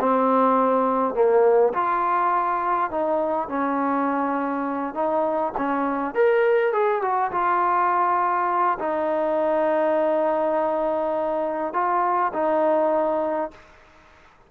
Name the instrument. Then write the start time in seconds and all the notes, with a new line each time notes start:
trombone
0.00 C4
1.14 A#3
1.73 F4
2.91 D#4
3.48 C#4
4.94 D#4
5.57 C#4
6.14 A#4
6.72 G#4
7.02 F#4
7.31 F4
8.79 D#4
11.73 F4
12.33 D#4